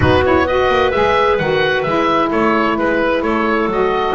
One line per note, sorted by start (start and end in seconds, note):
0.00 0.68 B3
0.00 0.22 D#4
0.00 0.44 F#4
0.00 0.24 B4
0.24 0.47 E4
0.24 0.46 C#5
0.44 0.92 F#4
0.44 2.29 B4
0.44 0.91 D#5
0.68 0.91 A#3
0.91 1.39 G#3
0.91 1.39 G#4
0.91 1.37 E5
1.38 1.85 D#3
1.38 1.85 F#4
1.38 1.82 F#5
1.82 2.31 G#3
1.82 3.70 E4
1.82 2.29 E5
2.29 2.77 A3
2.29 2.75 A4
2.29 2.77 C#5
2.77 3.22 G#3
2.77 3.23 B4
2.77 3.22 B4
3.22 3.66 A3
3.22 4.15 A4
3.22 3.68 C#5
3.66 4.12 F#3
3.66 4.15 D#5
3.72 4.15 F#4